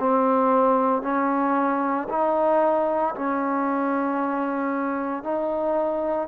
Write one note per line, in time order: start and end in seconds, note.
0.00 1.03 C4
1.03 2.08 C#4
2.10 3.15 D#4
3.15 5.24 C#4
5.24 6.29 D#4